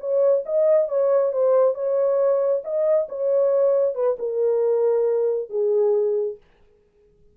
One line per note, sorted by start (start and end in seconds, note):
0.00 0.44 C#5
0.46 0.88 D#5
0.88 1.32 C#5
1.32 1.74 C5
1.74 2.62 C#5
2.64 3.08 D#5
3.09 3.95 C#5
3.95 4.17 B4
4.19 5.50 A#4
5.50 6.37 G#4